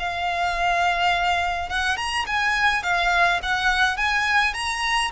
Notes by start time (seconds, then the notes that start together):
0.00 F5
1.70 F#5
1.97 A#5
2.27 G#5
2.83 F5
3.43 F#5
3.97 G#5
4.54 A#5